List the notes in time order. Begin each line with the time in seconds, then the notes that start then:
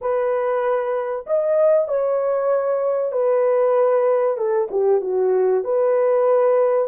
0.01 B4
1.26 D#5
1.88 C#5
3.12 B4
4.37 A4
4.70 G4
5.01 F#4
5.64 B4